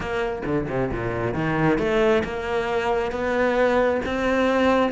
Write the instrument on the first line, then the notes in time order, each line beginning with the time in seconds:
cello
0.00 A#3
0.45 D3
0.69 C3
0.92 A#2
1.34 D#3
1.78 A3
2.24 A#3
3.11 B3
4.05 C4